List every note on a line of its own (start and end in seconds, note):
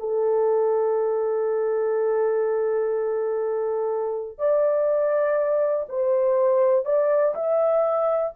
0.00 4.39 A4
4.39 5.86 D5
5.89 6.85 C5
6.85 7.35 D5
7.35 8.33 E5